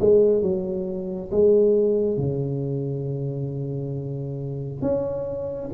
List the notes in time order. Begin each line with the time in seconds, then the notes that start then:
0.00 G#3
0.42 F#3
1.31 G#3
2.17 C#3
4.82 C#4